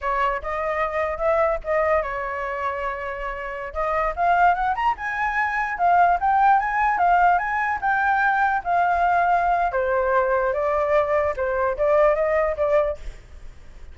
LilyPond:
\new Staff \with { instrumentName = "flute" } { \time 4/4 \tempo 4 = 148 cis''4 dis''2 e''4 | dis''4 cis''2.~ | cis''4~ cis''16 dis''4 f''4 fis''8 ais''16~ | ais''16 gis''2 f''4 g''8.~ |
g''16 gis''4 f''4 gis''4 g''8.~ | g''4~ g''16 f''2~ f''8. | c''2 d''2 | c''4 d''4 dis''4 d''4 | }